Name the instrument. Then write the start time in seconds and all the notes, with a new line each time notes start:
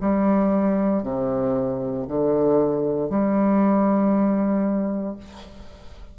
bassoon
0.00 G3
1.03 C3
2.07 D3
3.09 G3